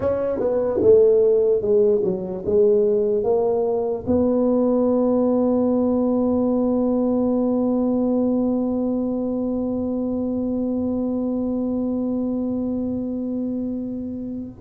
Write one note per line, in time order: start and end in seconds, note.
0.00 0.39 C#4
0.39 0.80 B3
0.81 1.61 A3
1.61 2.02 G#3
2.03 2.44 F#3
2.45 3.23 G#3
3.23 4.04 A#3
4.07 14.61 B3